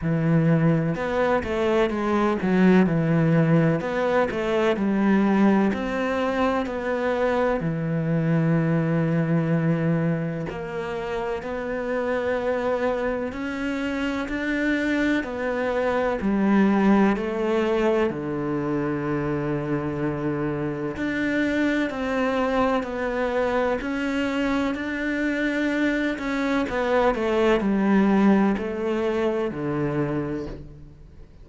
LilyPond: \new Staff \with { instrumentName = "cello" } { \time 4/4 \tempo 4 = 63 e4 b8 a8 gis8 fis8 e4 | b8 a8 g4 c'4 b4 | e2. ais4 | b2 cis'4 d'4 |
b4 g4 a4 d4~ | d2 d'4 c'4 | b4 cis'4 d'4. cis'8 | b8 a8 g4 a4 d4 | }